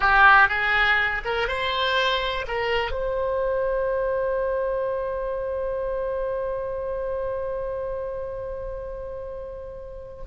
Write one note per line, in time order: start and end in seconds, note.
0.00 0.48 G4
0.48 1.21 G#4
1.24 1.48 A#4
1.48 2.45 C5
2.47 2.91 A#4
2.91 10.22 C5